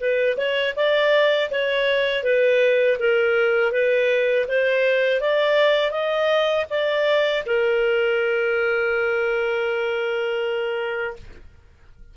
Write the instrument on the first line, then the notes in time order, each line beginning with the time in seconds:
clarinet
0.00 B4
0.38 C#5
0.76 D5
1.51 C#5
2.24 B4
3.00 A#4
3.72 B4
4.48 C5
5.21 D5
5.92 D#5
6.70 D5
7.46 A#4